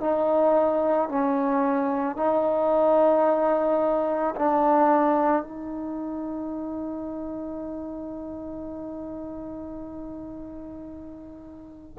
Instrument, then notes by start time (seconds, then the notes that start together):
trombone
0.00 D#4
1.09 C#4
2.16 D#4
4.35 D4
5.42 D#4